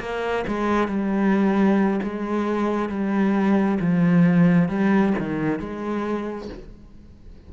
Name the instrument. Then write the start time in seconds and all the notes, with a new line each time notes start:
cello
0.00 A#3
0.48 G#3
0.88 G3
2.03 G#3
2.89 G3
3.80 F3
4.69 G3
5.19 D#3
5.60 G#3